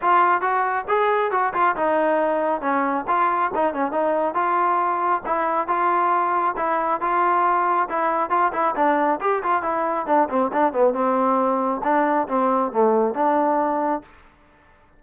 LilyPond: \new Staff \with { instrumentName = "trombone" } { \time 4/4 \tempo 4 = 137 f'4 fis'4 gis'4 fis'8 f'8 | dis'2 cis'4 f'4 | dis'8 cis'8 dis'4 f'2 | e'4 f'2 e'4 |
f'2 e'4 f'8 e'8 | d'4 g'8 f'8 e'4 d'8 c'8 | d'8 b8 c'2 d'4 | c'4 a4 d'2 | }